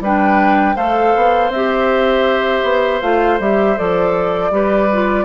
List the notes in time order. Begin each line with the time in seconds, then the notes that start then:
0.00 G3 D4 B4 G5
0.75 A3 A4 C5 F5
1.15 B3
1.49 C4 G4 E5
2.63 B3
3.01 A3 F4 F5
3.39 G3 G4 E5
3.76 F3 A4 D5
4.51 G3 G4 B4
4.92 F4